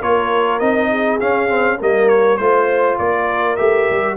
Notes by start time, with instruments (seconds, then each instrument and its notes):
0.00 tuba A#3, trombone F4, horn A#4, trumpet C#5
0.59 tuba C4, trombone D#4, trumpet D#5
0.89 horn G#4
1.20 trombone C#4, tuba C#4, trumpet F5
1.49 trombone C4
1.80 tuba G3, trombone A#3, horn A#4, trumpet D#5
2.09 trumpet C#5
2.37 tuba A3, trombone F4, trumpet C5, horn C5
2.99 tuba A#3, horn A#4, trumpet D5
3.56 tuba A3, trombone G4, trumpet E5
3.90 tuba G3